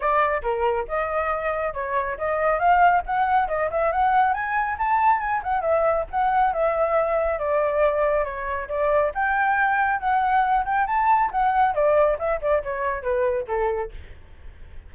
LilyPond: \new Staff \with { instrumentName = "flute" } { \time 4/4 \tempo 4 = 138 d''4 ais'4 dis''2 | cis''4 dis''4 f''4 fis''4 | dis''8 e''8 fis''4 gis''4 a''4 | gis''8 fis''8 e''4 fis''4 e''4~ |
e''4 d''2 cis''4 | d''4 g''2 fis''4~ | fis''8 g''8 a''4 fis''4 d''4 | e''8 d''8 cis''4 b'4 a'4 | }